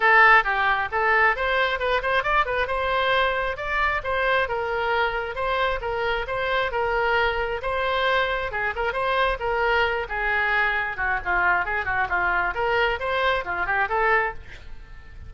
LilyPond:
\new Staff \with { instrumentName = "oboe" } { \time 4/4 \tempo 4 = 134 a'4 g'4 a'4 c''4 | b'8 c''8 d''8 b'8 c''2 | d''4 c''4 ais'2 | c''4 ais'4 c''4 ais'4~ |
ais'4 c''2 gis'8 ais'8 | c''4 ais'4. gis'4.~ | gis'8 fis'8 f'4 gis'8 fis'8 f'4 | ais'4 c''4 f'8 g'8 a'4 | }